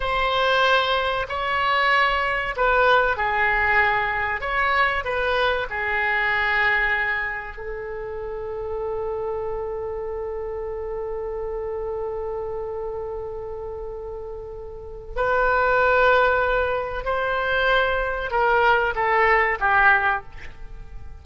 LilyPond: \new Staff \with { instrumentName = "oboe" } { \time 4/4 \tempo 4 = 95 c''2 cis''2 | b'4 gis'2 cis''4 | b'4 gis'2. | a'1~ |
a'1~ | a'1 | b'2. c''4~ | c''4 ais'4 a'4 g'4 | }